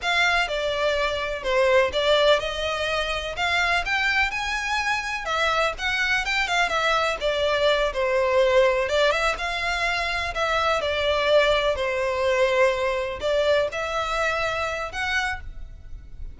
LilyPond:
\new Staff \with { instrumentName = "violin" } { \time 4/4 \tempo 4 = 125 f''4 d''2 c''4 | d''4 dis''2 f''4 | g''4 gis''2 e''4 | fis''4 g''8 f''8 e''4 d''4~ |
d''8 c''2 d''8 e''8 f''8~ | f''4. e''4 d''4.~ | d''8 c''2. d''8~ | d''8 e''2~ e''8 fis''4 | }